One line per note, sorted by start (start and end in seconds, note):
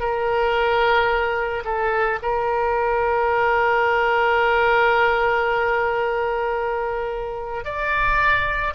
0.00 1.64 A#4
1.65 2.20 A4
2.23 7.65 A#4
7.65 8.74 D5